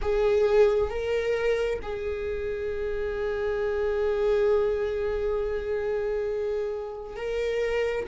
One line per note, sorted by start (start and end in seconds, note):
0.01 0.90 G#4
0.90 1.79 A#4
1.82 7.16 G#4
7.16 8.06 A#4